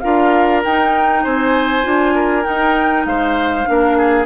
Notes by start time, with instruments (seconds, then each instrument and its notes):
0.00 bassoon D4, clarinet F4, oboe A#4, flute F5
0.65 bassoon D#4, clarinet D#4, flute G5
1.23 bassoon C4, oboe C5, flute G#5
1.83 bassoon D4, clarinet F4
2.15 oboe A#4
2.43 clarinet D#4, bassoon D#4, flute G5
3.06 bassoon G#3, oboe C5, flute F5
3.65 bassoon A#3, clarinet D4, oboe A#4
3.97 oboe G#4